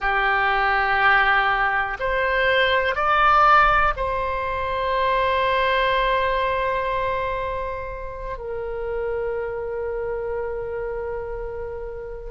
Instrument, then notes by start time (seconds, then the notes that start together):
oboe
0.00 G4
1.99 C5
2.95 D5
3.96 C5
8.37 A#4